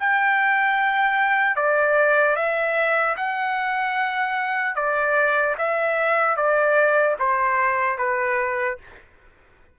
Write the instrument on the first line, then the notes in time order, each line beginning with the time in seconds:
trumpet
0.00 G5
1.57 D5
2.36 E5
3.17 F#5
4.76 D5
5.59 E5
6.37 D5
7.20 C5
7.99 B4